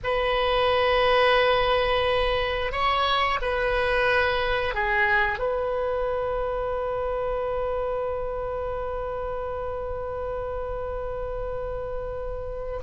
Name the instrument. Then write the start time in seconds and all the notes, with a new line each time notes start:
oboe
0.03 B4
2.72 C#5
3.41 B4
4.74 G#4
5.38 B4